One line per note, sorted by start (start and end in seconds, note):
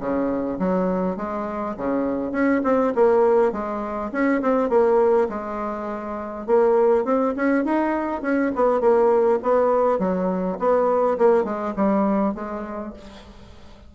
0.00 0.59 C#3
0.59 1.17 F#3
1.17 1.76 G#3
1.77 2.32 C#3
2.32 2.61 C#4
2.64 2.93 C4
2.95 3.52 A#3
3.52 4.11 G#3
4.12 4.42 C#4
4.42 4.69 C4
4.69 5.28 A#3
5.29 6.47 G#3
6.47 7.05 A#3
7.05 7.34 C4
7.36 7.64 C#4
7.64 8.22 D#4
8.22 8.51 C#4
8.55 8.81 B3
8.81 9.40 A#3
9.43 9.99 B3
9.99 10.58 F#3
10.59 11.18 B3
11.18 11.44 A#3
11.44 11.74 G#3
11.76 12.35 G3
12.35 12.94 G#3